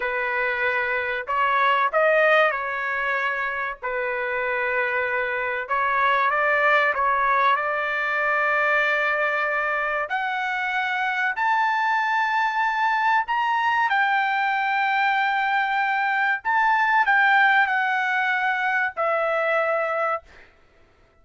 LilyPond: \new Staff \with { instrumentName = "trumpet" } { \time 4/4 \tempo 4 = 95 b'2 cis''4 dis''4 | cis''2 b'2~ | b'4 cis''4 d''4 cis''4 | d''1 |
fis''2 a''2~ | a''4 ais''4 g''2~ | g''2 a''4 g''4 | fis''2 e''2 | }